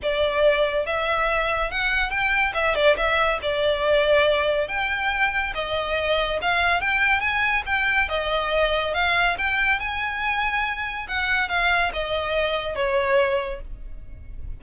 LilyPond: \new Staff \with { instrumentName = "violin" } { \time 4/4 \tempo 4 = 141 d''2 e''2 | fis''4 g''4 e''8 d''8 e''4 | d''2. g''4~ | g''4 dis''2 f''4 |
g''4 gis''4 g''4 dis''4~ | dis''4 f''4 g''4 gis''4~ | gis''2 fis''4 f''4 | dis''2 cis''2 | }